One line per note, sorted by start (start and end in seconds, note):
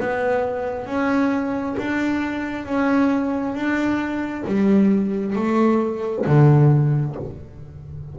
0.00 0.86 B3
0.86 1.75 C#4
1.78 2.65 D4
2.65 3.54 C#4
3.54 4.44 D4
4.46 5.36 G3
5.36 6.25 A3
6.26 7.15 D3